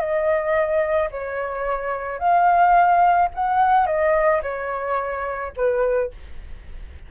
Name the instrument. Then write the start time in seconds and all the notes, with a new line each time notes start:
flute
0.00 D#5
1.11 C#5
2.19 F5
3.35 F#5
3.87 D#5
4.43 C#5
5.57 B4